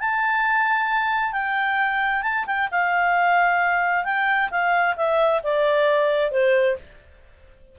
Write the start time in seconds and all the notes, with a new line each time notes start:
0.00 A5
1.33 G5
2.23 A5
2.47 G5
2.72 F5
4.05 G5
4.51 F5
4.97 E5
5.44 D5
6.32 C5